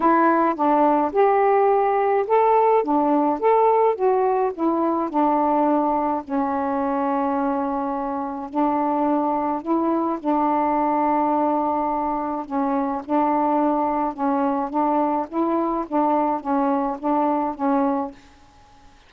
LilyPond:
\new Staff \with { instrumentName = "saxophone" } { \time 4/4 \tempo 4 = 106 e'4 d'4 g'2 | a'4 d'4 a'4 fis'4 | e'4 d'2 cis'4~ | cis'2. d'4~ |
d'4 e'4 d'2~ | d'2 cis'4 d'4~ | d'4 cis'4 d'4 e'4 | d'4 cis'4 d'4 cis'4 | }